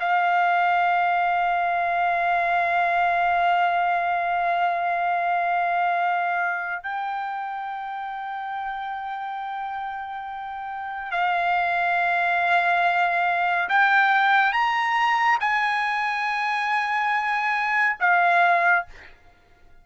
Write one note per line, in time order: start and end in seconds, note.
0.00 6.83 F5
6.83 11.12 G5
11.12 13.69 F5
13.69 14.53 G5
14.53 15.39 A#5
15.41 17.98 G#5
18.00 18.86 F5